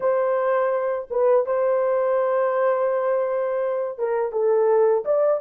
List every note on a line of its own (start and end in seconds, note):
0.00 1.08 C5
1.10 1.46 B4
1.46 3.98 C5
3.98 4.32 A#4
4.32 5.04 A4
5.04 5.40 D5